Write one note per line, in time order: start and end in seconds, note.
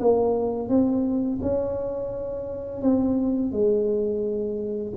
0.00 0.69 A#3
0.69 1.40 C4
1.42 2.81 C#4
2.81 3.52 C4
3.52 4.93 G#3